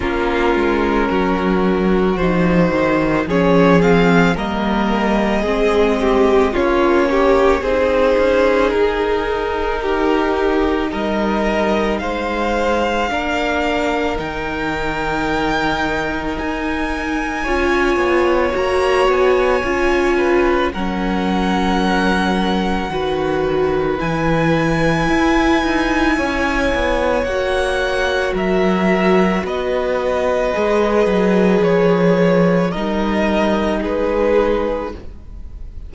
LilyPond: <<
  \new Staff \with { instrumentName = "violin" } { \time 4/4 \tempo 4 = 55 ais'2 c''4 cis''8 f''8 | dis''2 cis''4 c''4 | ais'2 dis''4 f''4~ | f''4 g''2 gis''4~ |
gis''4 ais''8 gis''4. fis''4~ | fis''2 gis''2~ | gis''4 fis''4 e''4 dis''4~ | dis''4 cis''4 dis''4 b'4 | }
  \new Staff \with { instrumentName = "violin" } { \time 4/4 f'4 fis'2 gis'4 | ais'4 gis'8 g'8 f'8 g'8 gis'4~ | gis'4 g'4 ais'4 c''4 | ais'1 |
cis''2~ cis''8 b'8 ais'4~ | ais'4 b'2. | cis''2 ais'4 b'4~ | b'2 ais'4 gis'4 | }
  \new Staff \with { instrumentName = "viola" } { \time 4/4 cis'2 dis'4 cis'8 c'8 | ais4 c'4 cis'4 dis'4~ | dis'1 | d'4 dis'2. |
f'4 fis'4 f'4 cis'4~ | cis'4 fis'4 e'2~ | e'4 fis'2. | gis'2 dis'2 | }
  \new Staff \with { instrumentName = "cello" } { \time 4/4 ais8 gis8 fis4 f8 dis8 f4 | g4 gis4 ais4 c'8 cis'8 | dis'2 g4 gis4 | ais4 dis2 dis'4 |
cis'8 b8 ais8 b8 cis'4 fis4~ | fis4 dis4 e4 e'8 dis'8 | cis'8 b8 ais4 fis4 b4 | gis8 fis8 f4 g4 gis4 | }
>>